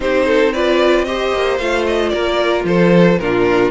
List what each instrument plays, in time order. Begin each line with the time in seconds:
0.00 cello C4, viola D#4, violin G4 C5
0.26 violin A4
0.52 viola F4, violin B4 D5
1.04 viola G4, violin C5 D#5
1.32 cello A#3
1.58 cello A3, viola F4, violin F5
1.87 violin D#5
2.09 cello A#3, violin A#4 D5
2.64 cello F3, violin A4 C5
3.18 cello A#2, viola D4, violin F4 A#4